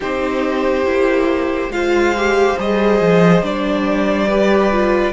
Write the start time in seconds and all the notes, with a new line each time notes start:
0.00 C4 D#4 G4 C5
0.84 A#3 E4
1.68 G#3 F4 C5 F5
2.17 G4
2.57 G3 G#4 D#5
3.00 F3
3.42 G3 D4 D5
4.28 G4 B4
4.72 F4